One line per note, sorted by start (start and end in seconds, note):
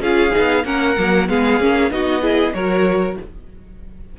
0.00 0.32 C#4
0.00 0.31 F4
0.00 0.65 G#4
0.00 0.65 F5
0.31 0.62 D#4
0.37 0.65 B3
0.65 0.96 A#3
0.65 0.96 C#4
0.65 1.28 A#4
0.65 1.28 F#5
0.97 1.29 F#3
0.97 1.28 A#3
1.28 1.60 G#3
1.28 1.60 B3
1.28 1.92 G#4
1.28 1.92 F5
1.60 1.91 A#3
1.60 1.90 C#4
1.90 2.53 B3
1.90 2.21 D#4
1.90 2.22 F#4
1.90 2.54 D#5
2.21 2.53 E4
2.21 2.53 G#4
2.53 3.17 F#3
2.53 3.19 F#4
2.53 3.17 A#4
2.53 3.17 C#5